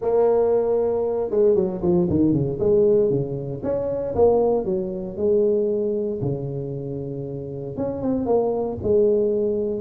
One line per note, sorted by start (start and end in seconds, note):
0.01 1.30 A#3
1.30 1.55 G#3
1.55 1.81 F#3
1.82 2.08 F3
2.09 2.33 D#3
2.33 2.58 C#3
2.59 3.10 G#3
3.10 3.61 C#3
3.63 4.14 C#4
4.15 4.65 A#3
4.65 5.16 F#3
5.16 6.20 G#3
6.21 7.76 C#3
7.76 8.01 C#4
8.01 8.26 C4
8.26 8.77 A#3
8.83 9.80 G#3